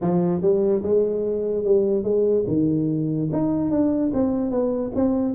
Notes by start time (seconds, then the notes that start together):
0.01 F3
0.41 G3
0.82 G#3
1.64 G3
2.03 G#3
2.47 D#3
3.32 D#4
3.70 D4
4.13 C4
4.50 B3
4.95 C4